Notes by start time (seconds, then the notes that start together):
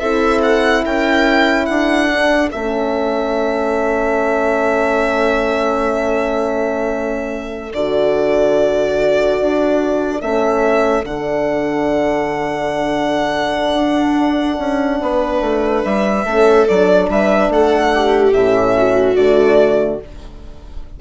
0.00 C4 E4 A4 E5
0.43 F#5
0.84 C#4 A#4 G5
1.65 D4 A4 F#5
2.10 D4
2.52 A3 C#4 E5
7.74 D3 F#4 D5
9.41 D4
10.21 A3 C#4 E5
11.04 D3 D4 F#5
13.74 D4
14.59 C#4
15.02 B3 B4
15.41 A3
15.85 G3 E5
16.25 A3 C#4 A4
16.68 F#3 D4 D5
17.10 G3 B4 E5
17.49 A3 A4 F#5
17.95 G4
18.34 A2 C#4 E5
18.76 F#4
19.16 D3 A3 D5